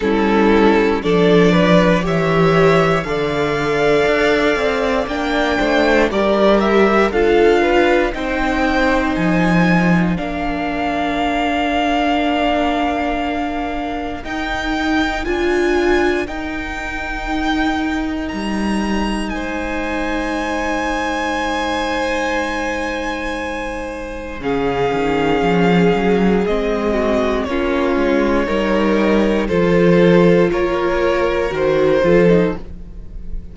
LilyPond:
<<
  \new Staff \with { instrumentName = "violin" } { \time 4/4 \tempo 4 = 59 a'4 d''4 e''4 f''4~ | f''4 g''4 d''8 e''8 f''4 | g''4 gis''4 f''2~ | f''2 g''4 gis''4 |
g''2 ais''4 gis''4~ | gis''1 | f''2 dis''4 cis''4~ | cis''4 c''4 cis''4 c''4 | }
  \new Staff \with { instrumentName = "violin" } { \time 4/4 e'4 a'8 b'8 cis''4 d''4~ | d''4. c''8 ais'4 a'8 b'8 | c''2 ais'2~ | ais'1~ |
ais'2. c''4~ | c''1 | gis'2~ gis'8 fis'8 f'4 | ais'4 a'4 ais'4. a'8 | }
  \new Staff \with { instrumentName = "viola" } { \time 4/4 cis'4 d'4 g'4 a'4~ | a'4 d'4 g'4 f'4 | dis'2 d'2~ | d'2 dis'4 f'4 |
dis'1~ | dis'1 | cis'2 c'4 cis'4 | dis'4 f'2 fis'8 f'16 dis'16 | }
  \new Staff \with { instrumentName = "cello" } { \time 4/4 g4 f4 e4 d4 | d'8 c'8 ais8 a8 g4 d'4 | c'4 f4 ais2~ | ais2 dis'4 d'4 |
dis'2 g4 gis4~ | gis1 | cis8 dis8 f8 fis8 gis4 ais8 gis8 | g4 f4 ais4 dis8 f8 | }
>>